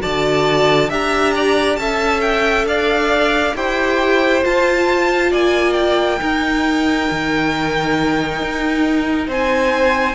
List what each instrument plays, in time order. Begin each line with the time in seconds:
0.00 cello D3, viola F#4, violin D5 A5
0.89 cello D4, viola G4, violin E5 A#5
1.35 violin D5
1.76 cello C#4, viola A4, violin E5 A5
2.21 violin G5
2.65 cello D4, violin D5 F5
3.55 cello E4, viola G4, violin C5 G5
4.42 viola F4, cello F4, violin A5
5.31 cello A#3, violin D5 G#5
5.73 violin G5
6.19 viola D#4, cello D#4, violin A#4
7.11 cello D#3
8.41 cello D#4
9.27 cello C4, violin C5 G#5